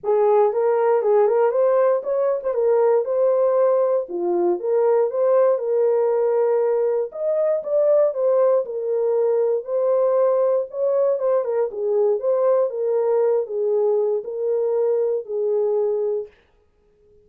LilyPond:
\new Staff \with { instrumentName = "horn" } { \time 4/4 \tempo 4 = 118 gis'4 ais'4 gis'8 ais'8 c''4 | cis''8. c''16 ais'4 c''2 | f'4 ais'4 c''4 ais'4~ | ais'2 dis''4 d''4 |
c''4 ais'2 c''4~ | c''4 cis''4 c''8 ais'8 gis'4 | c''4 ais'4. gis'4. | ais'2 gis'2 | }